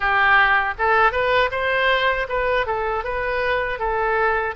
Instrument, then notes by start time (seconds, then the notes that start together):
oboe
0.00 G4
0.78 A4
1.12 B4
1.51 C5
2.29 B4
2.66 A4
3.03 B4
3.79 A4